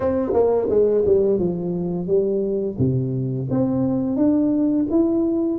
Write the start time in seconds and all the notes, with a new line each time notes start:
0.00 C4
0.33 A#3
0.69 G#3
1.06 G3
1.38 F3
2.07 G3
2.78 C3
3.50 C4
4.16 D4
4.90 E4